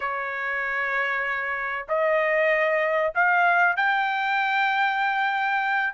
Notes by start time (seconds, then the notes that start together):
0.00 C#5
1.88 D#5
3.14 F5
3.76 G5